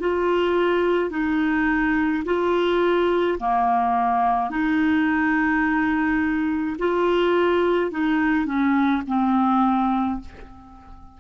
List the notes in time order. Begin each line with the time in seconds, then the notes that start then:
0.00 F4
1.11 D#4
2.25 F4
3.40 A#3
4.51 D#4
6.79 F4
7.91 D#4
8.46 C#4
9.07 C4